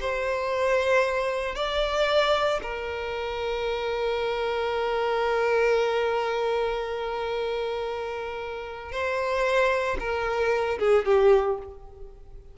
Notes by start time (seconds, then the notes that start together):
0.00 C5
1.55 D5
2.62 A#4
8.92 C5
9.99 A#4
10.79 G#4
11.05 G4